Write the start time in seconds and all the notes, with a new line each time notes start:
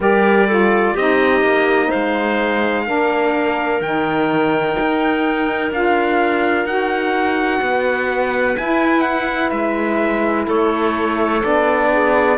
0.00 G3 G4 A#4 D5
0.47 F4 A4
0.93 C4 D#4 G4 D#5
1.41 A#3
1.87 C5 F5
1.94 G#3
2.85 A#3 D4 A#4
3.80 D#3 D#4 G5
4.80 D#4
5.71 D4 F4 F5
6.65 D#4 F#4 F#5
7.61 B3 B4
8.57 E4 G#5
9.01 F#5
9.50 G#3 E5
10.45 A3 A4 C#5
11.41 B3 D4 D5
11.91 G#4